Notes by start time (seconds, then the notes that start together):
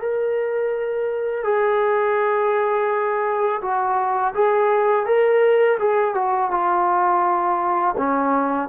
0.00 A#4
1.45 G#4
3.62 F#4
4.35 G#4
5.06 A#4
5.80 G#4
6.15 F#4
6.51 F4
7.97 C#4